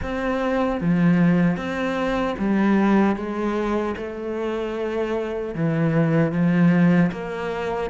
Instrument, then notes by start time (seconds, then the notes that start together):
cello
0.02 C4
0.80 F3
1.56 C4
2.38 G3
3.16 G#3
3.97 A3
5.54 E3
6.32 F3
7.11 A#3